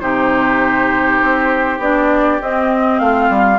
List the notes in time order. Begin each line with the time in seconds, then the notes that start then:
0.00 C3 D#4 G4 C5
1.22 C4
1.79 B3 D4 D5
2.41 C4 D#5
2.99 A3 F4 F5
3.30 G3